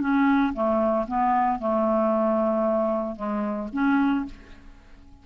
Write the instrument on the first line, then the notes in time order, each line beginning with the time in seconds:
clarinet
0.00 C#4
0.53 A3
1.07 B3
1.59 A3
3.16 G#3
3.72 C#4